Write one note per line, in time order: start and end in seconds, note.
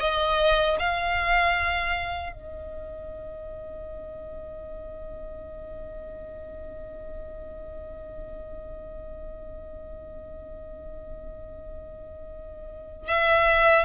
0.00 0.77 D#5
0.79 2.33 F5
2.33 13.08 D#5
13.08 13.85 E5